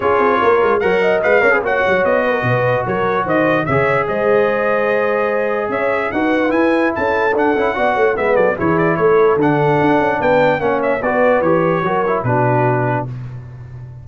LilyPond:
<<
  \new Staff \with { instrumentName = "trumpet" } { \time 4/4 \tempo 4 = 147 cis''2 fis''4 f''4 | fis''4 dis''2 cis''4 | dis''4 e''4 dis''2~ | dis''2 e''4 fis''4 |
gis''4 a''4 fis''2 | e''8 d''8 cis''8 d''8 cis''4 fis''4~ | fis''4 g''4 fis''8 e''8 d''4 | cis''2 b'2 | }
  \new Staff \with { instrumentName = "horn" } { \time 4/4 gis'4 ais'4 cis''8 dis''4 cis''16 b'16 | cis''4. b'16 ais'16 b'4 ais'4 | c''4 cis''4 c''2~ | c''2 cis''4 b'4~ |
b'4 a'2 d''8 cis''8 | b'8 a'8 gis'4 a'2~ | a'4 b'4 cis''4 b'4~ | b'4 ais'4 fis'2 | }
  \new Staff \with { instrumentName = "trombone" } { \time 4/4 f'2 ais'4 b'8 ais'16 gis'16 | fis'1~ | fis'4 gis'2.~ | gis'2. fis'4 |
e'2 d'8 e'8 fis'4 | b4 e'2 d'4~ | d'2 cis'4 fis'4 | g'4 fis'8 e'8 d'2 | }
  \new Staff \with { instrumentName = "tuba" } { \time 4/4 cis'8 c'8 ais8 gis8 fis4 gis8 cis'8 | ais8 fis8 b4 b,4 fis4 | dis4 cis4 gis2~ | gis2 cis'4 dis'4 |
e'4 cis'4 d'8 cis'8 b8 a8 | gis8 fis8 e4 a4 d4 | d'8 cis'8 b4 ais4 b4 | e4 fis4 b,2 | }
>>